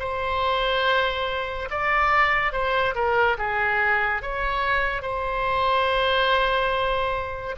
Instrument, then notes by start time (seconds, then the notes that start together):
oboe
0.00 C5
1.71 D5
2.52 C5
2.95 A#4
3.38 G#4
4.23 C#5
5.02 C5